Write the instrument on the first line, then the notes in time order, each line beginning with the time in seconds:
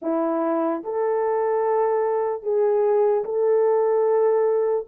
horn
0.02 E4
0.83 A4
2.43 G#4
3.24 A4